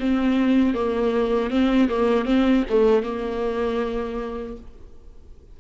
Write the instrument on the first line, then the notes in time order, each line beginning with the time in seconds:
viola
0.00 C4
0.75 A#3
1.51 C4
1.90 A#3
2.26 C4
2.70 A3
3.03 A#3